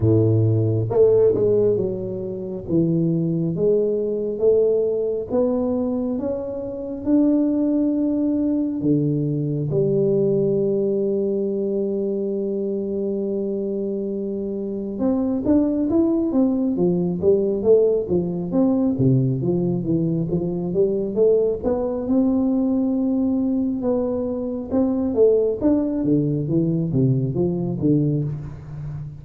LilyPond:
\new Staff \with { instrumentName = "tuba" } { \time 4/4 \tempo 4 = 68 a,4 a8 gis8 fis4 e4 | gis4 a4 b4 cis'4 | d'2 d4 g4~ | g1~ |
g4 c'8 d'8 e'8 c'8 f8 g8 | a8 f8 c'8 c8 f8 e8 f8 g8 | a8 b8 c'2 b4 | c'8 a8 d'8 d8 e8 c8 f8 d8 | }